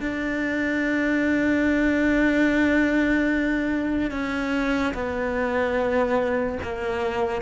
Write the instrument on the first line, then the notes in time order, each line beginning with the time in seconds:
cello
0.00 D4
4.11 C#4
4.94 B3
6.63 A#3